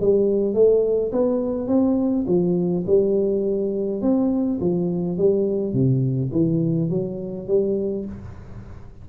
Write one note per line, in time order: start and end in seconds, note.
0.00 0.54 G3
0.54 1.11 A3
1.12 1.68 B3
1.68 2.25 C4
2.27 2.85 F3
2.86 4.01 G3
4.01 4.59 C4
4.60 5.17 F3
5.17 5.73 G3
5.73 6.30 C3
6.32 6.89 E3
6.89 7.47 F#3
7.47 8.05 G3